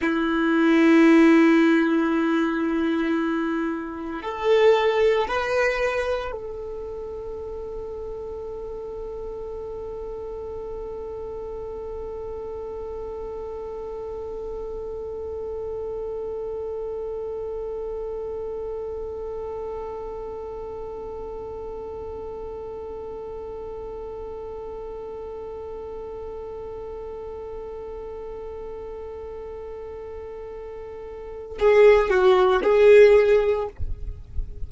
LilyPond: \new Staff \with { instrumentName = "violin" } { \time 4/4 \tempo 4 = 57 e'1 | a'4 b'4 a'2~ | a'1~ | a'1~ |
a'1~ | a'1~ | a'1~ | a'2 gis'8 fis'8 gis'4 | }